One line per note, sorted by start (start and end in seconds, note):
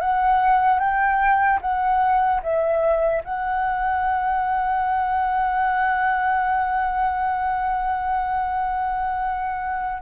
0.00 0.79 F#5
0.79 1.59 G5
1.61 2.41 F#5
2.42 3.22 E5
3.24 10.02 F#5